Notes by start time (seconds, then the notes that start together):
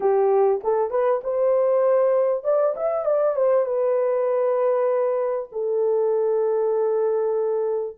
0.00 G4
0.63 A4
0.90 B4
1.23 C5
2.44 D5
2.76 E5
3.05 D5
3.35 C5
3.65 B4
5.52 A4